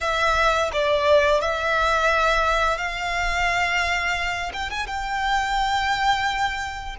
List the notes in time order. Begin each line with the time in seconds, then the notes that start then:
0.01 E5
0.73 D5
1.40 E5
2.77 F5
4.53 G5
4.70 G#5
4.86 G5